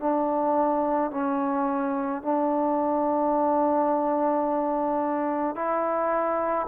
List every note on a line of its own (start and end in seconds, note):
0.00 1.11 D4
1.11 2.22 C#4
2.22 5.56 D4
5.56 6.67 E4